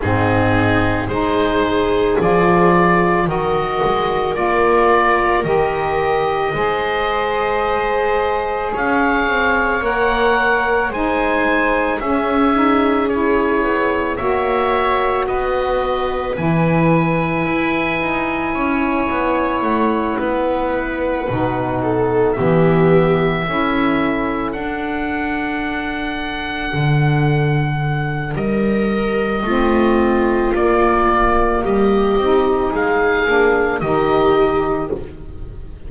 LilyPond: <<
  \new Staff \with { instrumentName = "oboe" } { \time 4/4 \tempo 4 = 55 gis'4 c''4 d''4 dis''4 | d''4 dis''2. | f''4 fis''4 gis''4 e''4 | cis''4 e''4 dis''4 gis''4~ |
gis''2 fis''2~ | fis''8 e''2 fis''4.~ | fis''2 dis''2 | d''4 dis''4 f''4 dis''4 | }
  \new Staff \with { instrumentName = "viola" } { \time 4/4 dis'4 gis'2 ais'4~ | ais'2 c''2 | cis''2 c''4 gis'4~ | gis'4 cis''4 b'2~ |
b'4 cis''4. b'4. | a'8 g'4 a'2~ a'8~ | a'2 ais'4 f'4~ | f'4 g'4 gis'4 g'4 | }
  \new Staff \with { instrumentName = "saxophone" } { \time 4/4 c'4 dis'4 f'4 fis'4 | f'4 g'4 gis'2~ | gis'4 ais'4 dis'4 cis'8 dis'8 | e'4 fis'2 e'4~ |
e'2.~ e'8 dis'8~ | dis'8 b4 e'4 d'4.~ | d'2. c'4 | ais4. dis'4 d'8 dis'4 | }
  \new Staff \with { instrumentName = "double bass" } { \time 4/4 gis,4 gis4 f4 dis8 gis8 | ais4 dis4 gis2 | cis'8 c'8 ais4 gis4 cis'4~ | cis'8 b8 ais4 b4 e4 |
e'8 dis'8 cis'8 b8 a8 b4 b,8~ | b,8 e4 cis'4 d'4.~ | d'8 d4. g4 a4 | ais4 g8 c'8 gis8 ais8 dis4 | }
>>